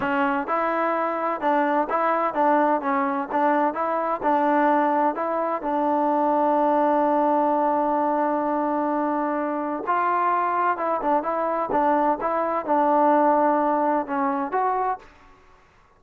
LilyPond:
\new Staff \with { instrumentName = "trombone" } { \time 4/4 \tempo 4 = 128 cis'4 e'2 d'4 | e'4 d'4 cis'4 d'4 | e'4 d'2 e'4 | d'1~ |
d'1~ | d'4 f'2 e'8 d'8 | e'4 d'4 e'4 d'4~ | d'2 cis'4 fis'4 | }